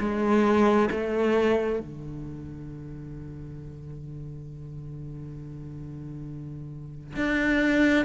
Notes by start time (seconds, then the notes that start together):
0.00 G#3
0.91 A3
1.80 D3
7.16 D4